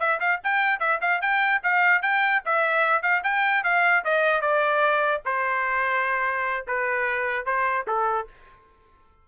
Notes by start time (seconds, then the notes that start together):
0.00 E5
0.21 F5
0.44 G5
0.80 E5
1.02 F5
1.22 G5
1.64 F5
2.02 G5
2.45 E5
3.03 F5
3.24 G5
3.64 F5
4.05 D#5
4.41 D5
5.25 C5
6.68 B4
7.46 C5
7.87 A4